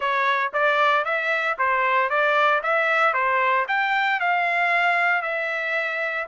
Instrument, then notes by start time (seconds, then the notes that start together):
trumpet
0.00 C#5
0.53 D5
1.04 E5
1.58 C5
2.09 D5
2.63 E5
3.13 C5
3.68 G5
4.20 F5
5.22 E5